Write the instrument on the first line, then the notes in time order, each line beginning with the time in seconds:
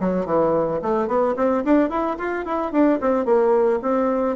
bassoon
0.00 F#3
0.26 E3
0.82 A3
1.07 B3
1.36 C4
1.64 D4
1.89 E4
2.18 F4
2.45 E4
2.72 D4
3.00 C4
3.25 A#3
3.82 C4